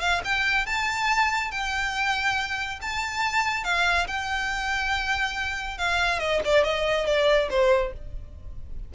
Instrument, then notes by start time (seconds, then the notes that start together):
violin
0.00 F5
0.25 G5
0.66 A5
1.51 G5
2.82 A5
3.64 F5
4.07 G5
5.78 F5
6.19 D#5
6.45 D5
6.64 D#5
7.06 D5
7.50 C5